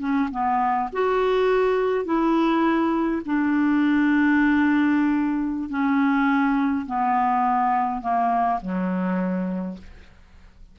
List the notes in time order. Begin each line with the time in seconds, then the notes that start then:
0.00 C#4
0.31 B3
0.93 F#4
2.05 E4
3.26 D4
5.70 C#4
6.86 B3
8.02 A#3
8.61 F#3